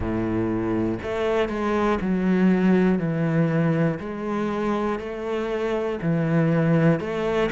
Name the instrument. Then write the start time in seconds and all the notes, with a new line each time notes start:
cello
0.00 A2
1.02 A3
1.48 G#3
2.00 F#3
2.99 E3
4.00 G#3
4.99 A3
6.01 E3
7.00 A3